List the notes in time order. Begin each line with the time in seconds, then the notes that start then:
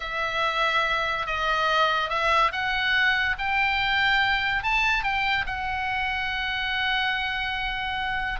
0.00 E5
1.26 D#5
2.09 E5
2.52 F#5
3.38 G5
4.63 A5
5.03 G5
5.46 F#5